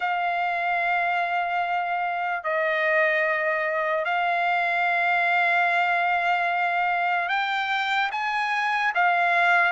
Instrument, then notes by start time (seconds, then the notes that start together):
trumpet
0.00 F5
2.43 D#5
4.04 F5
7.29 G5
8.11 G#5
8.94 F5